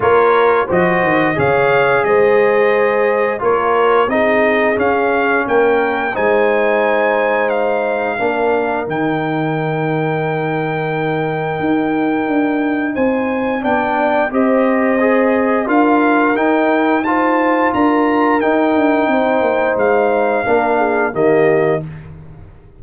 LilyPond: <<
  \new Staff \with { instrumentName = "trumpet" } { \time 4/4 \tempo 4 = 88 cis''4 dis''4 f''4 dis''4~ | dis''4 cis''4 dis''4 f''4 | g''4 gis''2 f''4~ | f''4 g''2.~ |
g''2. gis''4 | g''4 dis''2 f''4 | g''4 a''4 ais''4 g''4~ | g''4 f''2 dis''4 | }
  \new Staff \with { instrumentName = "horn" } { \time 4/4 ais'4 c''4 cis''4 c''4~ | c''4 ais'4 gis'2 | ais'4 c''2. | ais'1~ |
ais'2. c''4 | d''4 c''2 ais'4~ | ais'4 c''4 ais'2 | c''2 ais'8 gis'8 g'4 | }
  \new Staff \with { instrumentName = "trombone" } { \time 4/4 f'4 fis'4 gis'2~ | gis'4 f'4 dis'4 cis'4~ | cis'4 dis'2. | d'4 dis'2.~ |
dis'1 | d'4 g'4 gis'4 f'4 | dis'4 f'2 dis'4~ | dis'2 d'4 ais4 | }
  \new Staff \with { instrumentName = "tuba" } { \time 4/4 ais4 f8 dis8 cis4 gis4~ | gis4 ais4 c'4 cis'4 | ais4 gis2. | ais4 dis2.~ |
dis4 dis'4 d'4 c'4 | b4 c'2 d'4 | dis'2 d'4 dis'8 d'8 | c'8 ais8 gis4 ais4 dis4 | }
>>